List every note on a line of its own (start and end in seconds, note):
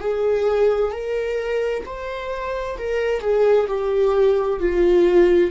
0.00 0.92 G#4
0.92 1.84 A#4
1.85 2.78 C5
2.78 3.21 A#4
3.21 3.67 G#4
3.68 4.60 G4
4.60 5.51 F4